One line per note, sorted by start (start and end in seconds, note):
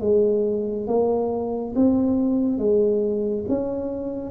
0.00 0.87 G#3
0.87 1.74 A#3
1.75 2.58 C4
2.58 3.45 G#3
3.48 4.30 C#4